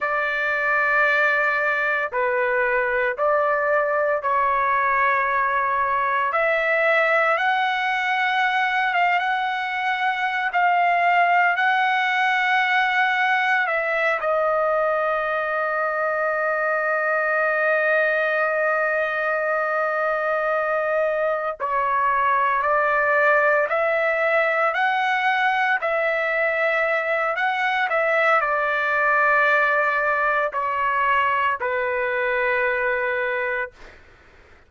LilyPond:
\new Staff \with { instrumentName = "trumpet" } { \time 4/4 \tempo 4 = 57 d''2 b'4 d''4 | cis''2 e''4 fis''4~ | fis''8 f''16 fis''4~ fis''16 f''4 fis''4~ | fis''4 e''8 dis''2~ dis''8~ |
dis''1~ | dis''8 cis''4 d''4 e''4 fis''8~ | fis''8 e''4. fis''8 e''8 d''4~ | d''4 cis''4 b'2 | }